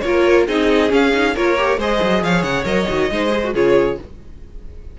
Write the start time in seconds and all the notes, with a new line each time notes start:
0.00 A#3 F4 A#4 C#5
0.47 C4 D#4 G#4 D#5
0.88 C#4 F5
1.13 D#4
1.34 A#3 F4 A#4 C#5
1.57 G4
1.77 G#3 G#4 C5 D#5
2.02 F#3
2.22 F3 C#5 F5
2.42 C#3 F#5
2.65 F#3 A#4 D#5
2.88 D#3 F#4
3.10 G#3 D#4 C5
3.30 G#4
3.44 F#4
3.53 C#3 F4 G#4 C#5